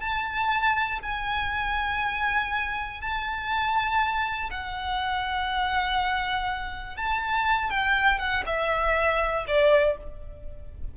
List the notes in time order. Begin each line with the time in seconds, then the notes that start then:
0.00 A5
1.02 G#5
3.01 A5
4.50 F#5
6.96 A5
7.70 G5
8.18 F#5
8.46 E5
9.47 D5